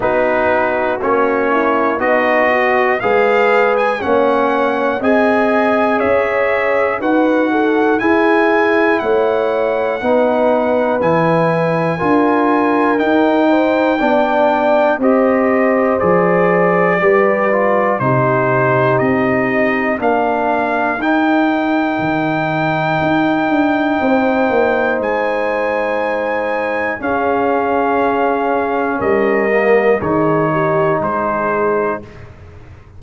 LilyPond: <<
  \new Staff \with { instrumentName = "trumpet" } { \time 4/4 \tempo 4 = 60 b'4 cis''4 dis''4 f''8. gis''16 | fis''4 gis''4 e''4 fis''4 | gis''4 fis''2 gis''4~ | gis''4 g''2 dis''4 |
d''2 c''4 dis''4 | f''4 g''2.~ | g''4 gis''2 f''4~ | f''4 dis''4 cis''4 c''4 | }
  \new Staff \with { instrumentName = "horn" } { \time 4/4 fis'4. e'8 dis'8 fis'8 b'4 | cis''4 dis''4 cis''4 b'8 a'8 | gis'4 cis''4 b'2 | ais'4. c''8 d''4 c''4~ |
c''4 b'4 g'2 | ais'1 | c''2. gis'4~ | gis'4 ais'4 gis'8 g'8 gis'4 | }
  \new Staff \with { instrumentName = "trombone" } { \time 4/4 dis'4 cis'4 fis'4 gis'4 | cis'4 gis'2 fis'4 | e'2 dis'4 e'4 | f'4 dis'4 d'4 g'4 |
gis'4 g'8 f'8 dis'2 | d'4 dis'2.~ | dis'2. cis'4~ | cis'4. ais8 dis'2 | }
  \new Staff \with { instrumentName = "tuba" } { \time 4/4 b4 ais4 b4 gis4 | ais4 c'4 cis'4 dis'4 | e'4 a4 b4 e4 | d'4 dis'4 b4 c'4 |
f4 g4 c4 c'4 | ais4 dis'4 dis4 dis'8 d'8 | c'8 ais8 gis2 cis'4~ | cis'4 g4 dis4 gis4 | }
>>